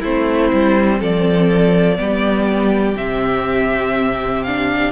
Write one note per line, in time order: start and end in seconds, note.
0.00 0.51 A3
0.00 1.96 C4
0.00 0.98 E4
0.00 1.01 C5
0.52 1.00 G3
0.99 1.98 F3
0.99 1.98 A4
0.99 2.97 D5
1.96 2.95 G3
1.96 2.95 B3
1.96 4.92 G4
2.95 4.92 C3
2.95 4.43 C4
2.95 4.43 E5
4.43 4.92 D4
4.43 4.92 F5